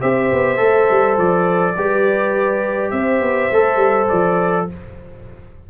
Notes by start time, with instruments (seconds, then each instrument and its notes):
0.00 tuba C4, trombone G4, horn C5, trumpet E5
0.32 tuba B3
0.57 tuba A3, trombone A4
0.90 tuba G3
1.17 tuba F3, trumpet D5
1.76 tuba G3, trombone G4, horn B4
2.91 tuba C4, horn C5, trumpet E5
3.20 tuba B3
3.51 tuba A3, trombone A4
3.76 tuba G3
4.08 tuba F3, trumpet D5